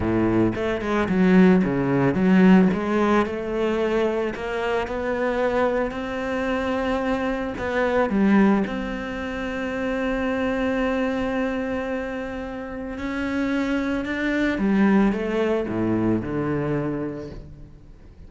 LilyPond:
\new Staff \with { instrumentName = "cello" } { \time 4/4 \tempo 4 = 111 a,4 a8 gis8 fis4 cis4 | fis4 gis4 a2 | ais4 b2 c'4~ | c'2 b4 g4 |
c'1~ | c'1 | cis'2 d'4 g4 | a4 a,4 d2 | }